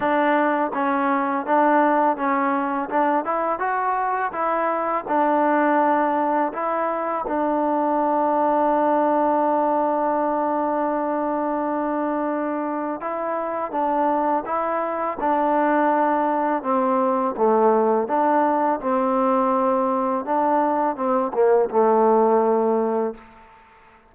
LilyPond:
\new Staff \with { instrumentName = "trombone" } { \time 4/4 \tempo 4 = 83 d'4 cis'4 d'4 cis'4 | d'8 e'8 fis'4 e'4 d'4~ | d'4 e'4 d'2~ | d'1~ |
d'2 e'4 d'4 | e'4 d'2 c'4 | a4 d'4 c'2 | d'4 c'8 ais8 a2 | }